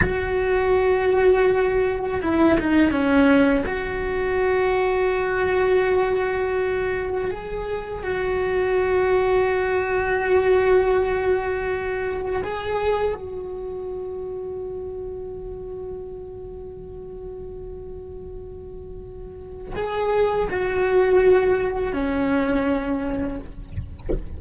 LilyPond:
\new Staff \with { instrumentName = "cello" } { \time 4/4 \tempo 4 = 82 fis'2. e'8 dis'8 | cis'4 fis'2.~ | fis'2 gis'4 fis'4~ | fis'1~ |
fis'4 gis'4 fis'2~ | fis'1~ | fis'2. gis'4 | fis'2 cis'2 | }